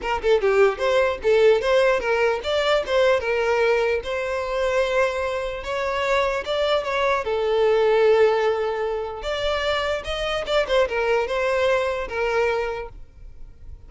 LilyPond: \new Staff \with { instrumentName = "violin" } { \time 4/4 \tempo 4 = 149 ais'8 a'8 g'4 c''4 a'4 | c''4 ais'4 d''4 c''4 | ais'2 c''2~ | c''2 cis''2 |
d''4 cis''4 a'2~ | a'2. d''4~ | d''4 dis''4 d''8 c''8 ais'4 | c''2 ais'2 | }